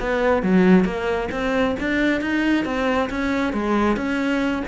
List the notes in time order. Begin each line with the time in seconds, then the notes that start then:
0.00 B3
0.43 F#3
0.85 A#3
1.32 C4
1.80 D4
2.21 D#4
2.65 C4
3.10 C#4
3.53 G#3
3.97 C#4